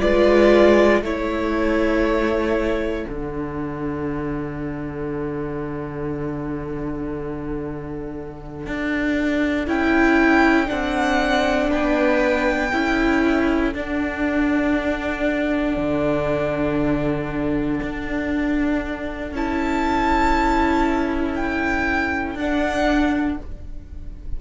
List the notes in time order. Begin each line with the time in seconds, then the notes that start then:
0.00 G#3 F4 B4 D5
1.01 A3 E4 A4 C#5
3.06 D3 D4 F#5
8.66 D4
9.67 C#4 E4 G5
10.66 C4 D4 F#5
11.70 B3 B4 G5
12.70 C#4 E4 A4
13.74 D4 F#5
15.76 D3
17.82 D4
19.32 C#4 E4 A5
21.35 G5
22.35 D4 F#5